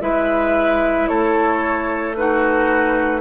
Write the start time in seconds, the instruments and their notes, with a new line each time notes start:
0.00 bassoon G#3, clarinet E4, oboe B4, flute E5
1.07 bassoon A3, oboe A4, flute C#5
2.15 clarinet D#4, oboe F#4, flute B4